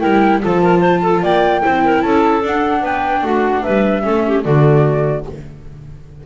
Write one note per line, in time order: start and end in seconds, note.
0.00 0.44 G3
0.00 0.41 E4
0.00 0.41 A#4
0.00 0.40 G5
0.42 1.23 F3
0.42 1.62 F4
0.42 0.62 A4
0.42 1.24 A5
0.62 0.80 A#4
0.80 1.00 C5
1.02 1.22 A4
1.22 1.63 A#3
1.22 1.62 D5
1.22 2.02 G5
1.62 2.03 C4
1.62 2.42 E4
1.62 1.84 C5
1.84 2.05 A#4
2.02 2.42 C#4
2.02 2.81 A4
2.02 2.42 A5
2.42 2.82 D4
2.42 4.03 D4
2.42 2.85 F#5
2.81 3.22 B3
2.81 3.22 B4
2.81 3.26 G5
3.22 3.63 A3
3.22 3.62 F#4
3.22 3.63 F#5
3.62 4.07 G3
3.62 4.03 B4
3.62 4.43 E5
4.03 4.45 A3
4.03 4.43 C#4
4.03 4.25 A4
4.27 4.44 G4
4.44 5.26 D3
4.44 5.25 A3
4.44 5.24 F#4
4.44 5.25 D5